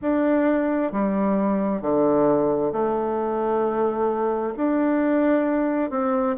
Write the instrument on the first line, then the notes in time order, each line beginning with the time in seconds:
bassoon
0.01 D4
0.91 G3
1.81 D3
2.72 A3
4.57 D4
5.90 C4